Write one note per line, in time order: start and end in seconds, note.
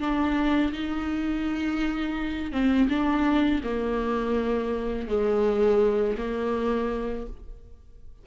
0.00 0.72 D4
0.73 2.52 D#4
2.52 2.88 C4
2.89 3.61 D4
3.64 5.08 A#3
5.08 6.17 G#3
6.18 7.27 A#3